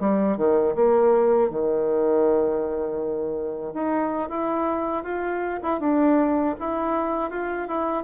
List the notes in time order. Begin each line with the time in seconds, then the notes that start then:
0.00 G3
0.37 D#3
0.75 A#3
1.50 D#3
3.74 D#4
4.29 E4
5.04 F4
5.62 E4
5.80 D4
6.60 E4
7.31 F4
7.68 E4